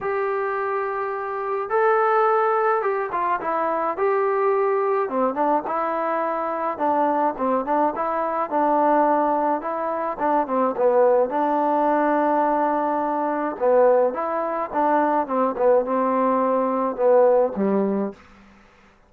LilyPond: \new Staff \with { instrumentName = "trombone" } { \time 4/4 \tempo 4 = 106 g'2. a'4~ | a'4 g'8 f'8 e'4 g'4~ | g'4 c'8 d'8 e'2 | d'4 c'8 d'8 e'4 d'4~ |
d'4 e'4 d'8 c'8 b4 | d'1 | b4 e'4 d'4 c'8 b8 | c'2 b4 g4 | }